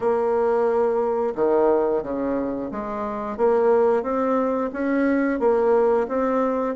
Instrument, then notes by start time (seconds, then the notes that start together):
bassoon
0.00 A#3
1.35 D#3
2.03 C#3
2.71 G#3
3.37 A#3
4.03 C4
4.73 C#4
5.39 A#3
6.08 C4